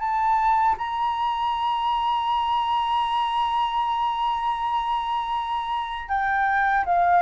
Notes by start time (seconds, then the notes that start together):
0.00 A5
0.78 A#5
6.09 G5
6.86 F5